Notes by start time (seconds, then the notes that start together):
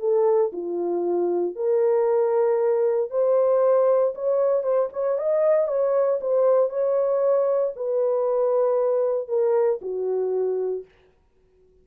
0.00 A4
0.53 F4
1.56 A#4
3.11 C5
4.15 C#5
4.63 C5
4.93 C#5
5.18 D#5
5.68 C#5
6.21 C5
6.70 C#5
7.76 B4
9.28 A#4
9.82 F#4